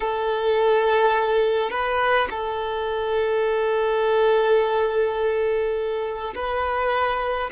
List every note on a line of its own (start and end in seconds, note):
0.00 1.70 A4
1.70 2.28 B4
2.30 6.34 A4
6.35 7.50 B4